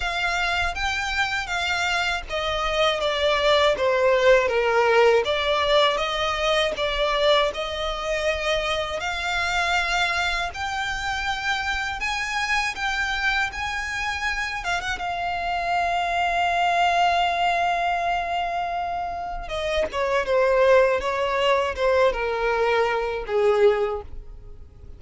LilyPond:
\new Staff \with { instrumentName = "violin" } { \time 4/4 \tempo 4 = 80 f''4 g''4 f''4 dis''4 | d''4 c''4 ais'4 d''4 | dis''4 d''4 dis''2 | f''2 g''2 |
gis''4 g''4 gis''4. f''16 fis''16 | f''1~ | f''2 dis''8 cis''8 c''4 | cis''4 c''8 ais'4. gis'4 | }